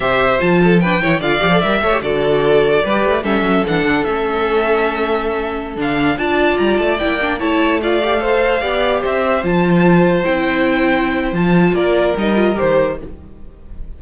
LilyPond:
<<
  \new Staff \with { instrumentName = "violin" } { \time 4/4 \tempo 4 = 148 e''4 a''4 g''4 f''4 | e''4 d''2. | e''4 fis''4 e''2~ | e''2~ e''16 f''4 a''8.~ |
a''16 ais''8 a''8 g''4 a''4 f''8.~ | f''2~ f''16 e''4 a''8.~ | a''4~ a''16 g''2~ g''8. | a''4 d''4 dis''4 c''4 | }
  \new Staff \with { instrumentName = "violin" } { \time 4/4 c''4. a'8 b'8 cis''8 d''4~ | d''8 cis''8 a'2 b'4 | a'1~ | a'2.~ a'16 d''8.~ |
d''2~ d''16 cis''4 d''8.~ | d''16 c''4 d''4 c''4.~ c''16~ | c''1~ | c''4 ais'2. | }
  \new Staff \with { instrumentName = "viola" } { \time 4/4 g'4 f'4 d'8 e'8 f'8 g'16 a'16 | ais'8 a'16 g'16 fis'2 g'4 | cis'4 d'4 cis'2~ | cis'2~ cis'16 d'4 f'8.~ |
f'4~ f'16 e'8 d'8 e'4 f'8 g'16~ | g'16 a'4 g'2 f'8.~ | f'4~ f'16 e'2~ e'8. | f'2 dis'8 f'8 g'4 | }
  \new Staff \with { instrumentName = "cello" } { \time 4/4 c4 f4. e8 d8 f8 | g8 a8 d2 g8 a8 | g8 fis8 e8 d8 a2~ | a2~ a16 d4 d'8.~ |
d'16 g8 a8 ais4 a4.~ a16~ | a4~ a16 b4 c'4 f8.~ | f4~ f16 c'2~ c'8. | f4 ais4 g4 dis4 | }
>>